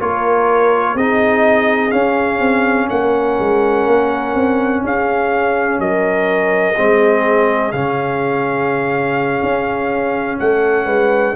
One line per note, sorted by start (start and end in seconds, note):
0.00 0.95 A#3
0.00 0.97 F4
0.00 0.94 A#4
0.00 0.97 C#5
0.94 1.91 C4
0.94 1.91 D#4
0.94 2.87 G#4
0.94 1.91 D#5
1.91 6.74 C#4
1.91 2.40 C#4
1.91 2.88 F5
2.40 2.88 C4
2.90 3.39 A#3
2.90 4.84 A#4
2.90 4.83 F#5
3.40 3.87 G#3
3.87 4.34 A#3
4.34 4.83 C4
4.84 5.79 C#4
4.84 5.80 G#4
4.84 5.80 F5
5.79 6.75 F#3
5.79 6.75 A#4
5.79 7.72 D#5
6.75 7.72 G#3
6.75 7.73 C4
6.75 10.38 G#4
7.72 9.42 C#3
7.72 11.36 C#4
7.72 10.38 F5
9.43 10.40 C#4
10.39 10.86 A3
10.39 10.85 A4
10.39 11.36 F#5
10.85 11.35 G#3
10.85 11.33 B4